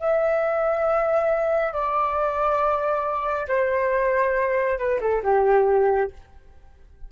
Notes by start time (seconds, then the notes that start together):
0.00 E5
1.73 D5
3.48 C5
4.79 B4
5.01 A4
5.23 G4